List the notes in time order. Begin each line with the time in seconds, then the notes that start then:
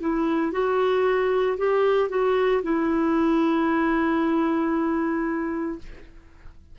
0.00 E4
0.52 F#4
1.58 G4
2.10 F#4
2.63 E4